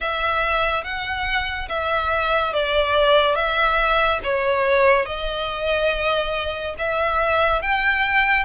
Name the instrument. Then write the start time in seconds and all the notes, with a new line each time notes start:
violin
0.00 E5
0.84 F#5
1.68 E5
2.53 D5
3.35 E5
4.23 C#5
5.05 D#5
6.78 E5
7.62 G5